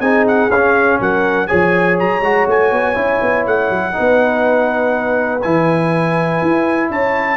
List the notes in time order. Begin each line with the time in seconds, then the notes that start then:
0.00 C4 D#4 G#4 G#5
0.27 F#5
0.51 C#4 F5
1.01 F#3 A#4 F#5
1.47 F3 G#4 C#5 G#5
1.99 F#3 A#5
2.21 G#3 F#4
2.47 A3 G#5
2.71 B3
2.95 C#4 E4
3.22 B3
3.46 A3 F#5
3.70 F#3
3.93 D#4 B4
4.00 B3
5.42 E3 E4 G#5
6.42 E4
6.90 C#4 C#5 A5